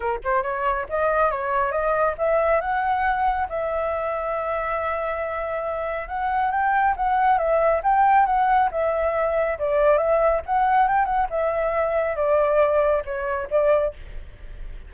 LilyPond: \new Staff \with { instrumentName = "flute" } { \time 4/4 \tempo 4 = 138 ais'8 c''8 cis''4 dis''4 cis''4 | dis''4 e''4 fis''2 | e''1~ | e''2 fis''4 g''4 |
fis''4 e''4 g''4 fis''4 | e''2 d''4 e''4 | fis''4 g''8 fis''8 e''2 | d''2 cis''4 d''4 | }